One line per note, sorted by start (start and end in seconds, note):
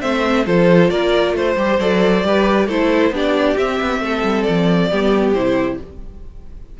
0.00 0.47 A3
0.00 0.45 C4
0.00 0.44 C5
0.00 0.45 E5
0.45 0.90 F3
0.45 1.56 F4
0.45 0.90 A4
0.45 0.90 C5
0.90 1.33 A#3
0.90 1.35 A#4
0.90 1.34 D5
1.33 1.55 A3
1.33 1.80 C5
1.33 2.26 C5
1.56 1.78 G3
1.56 1.80 G4
1.79 2.24 F#3
1.79 2.23 A4
1.79 2.68 D5
2.23 2.68 G3
2.23 2.68 G4
2.23 2.67 B4
2.67 3.10 A3
2.67 3.13 E4
2.67 3.11 A4
2.67 3.14 C5
3.10 3.55 B3
3.10 3.57 D4
3.10 4.03 G4
3.17 3.57 D5
3.57 3.80 C4
3.57 4.91 C4
3.57 4.43 E5
3.81 4.00 B3
4.00 4.22 A3
4.00 4.90 A4
4.23 4.45 G3
4.43 4.91 F3
4.43 5.32 D5
4.90 5.33 G3
4.90 5.35 B3
4.90 5.79 G4
5.33 5.78 C3
5.33 5.80 E4
5.33 5.78 C5